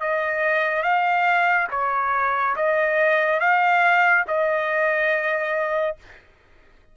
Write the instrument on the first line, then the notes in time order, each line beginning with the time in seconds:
trumpet
0.00 D#5
0.83 F5
1.71 C#5
2.56 D#5
3.40 F5
4.27 D#5